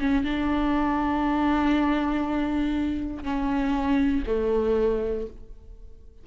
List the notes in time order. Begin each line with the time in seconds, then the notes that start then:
0.00 C#4
0.24 D4
3.24 C#4
4.26 A3